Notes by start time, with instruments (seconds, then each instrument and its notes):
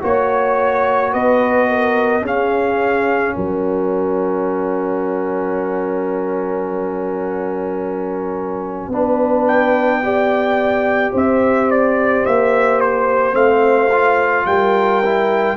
0.00 tuba A#3, trombone F#4, trumpet C#5, horn C#5
1.12 tuba B3, horn B4, trumpet D#5
1.68 horn A#4
2.21 tuba C#4, trombone C#4, horn G#4, trumpet F5
3.35 tuba F#3, horn A#4, trumpet F#5
8.88 tuba B3, trombone D4, horn B4
9.47 trumpet G5
10.02 trombone G4, horn D5
11.12 tuba C4, horn C5, trumpet E5
11.70 trumpet D5
12.25 tuba A#3, trumpet E5
12.80 trumpet C5
13.32 tuba A3, trombone C4, trumpet F5
13.92 trombone F4
14.45 tuba G3, horn A#4, trumpet G5
15.04 trombone E4